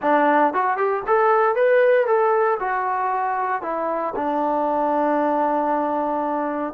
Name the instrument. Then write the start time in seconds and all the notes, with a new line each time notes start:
trombone
0.02 D4
0.53 F#4
0.77 G4
1.07 A4
1.55 B4
2.06 A4
2.59 F#4
3.62 E4
4.15 D4